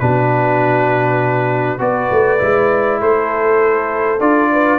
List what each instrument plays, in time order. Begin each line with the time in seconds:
0.00 tuba B2, trombone D4, horn F#4, trumpet B4
1.79 tuba B3, trombone F#4, horn B4, trumpet D5
2.12 tuba A3
2.39 tuba G#3, trombone E4
3.01 tuba A3, horn A4, trumpet C5
4.20 tuba D4, trombone F4, trumpet D5
4.52 horn B4